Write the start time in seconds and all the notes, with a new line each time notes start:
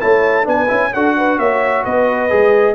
0.00 A3 E4 C#5 A5
0.44 B3 D4 B4 G#5
0.67 C#4 E4
0.93 D4 F#4 A4 F#5
1.16 B4
1.38 A#3 C#5 E5
1.83 B3 B4 D#5
2.29 G#3 G#4